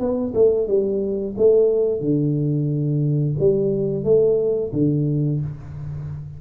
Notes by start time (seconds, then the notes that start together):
0.00 B3
0.34 A3
0.68 G3
1.38 A3
2.01 D3
3.39 G3
4.04 A3
4.73 D3